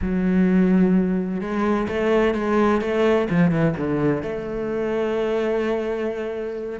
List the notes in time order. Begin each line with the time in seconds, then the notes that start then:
0.01 F#3
1.40 G#3
1.87 A3
2.34 G#3
2.81 A3
3.29 F3
3.51 E3
3.77 D3
4.22 A3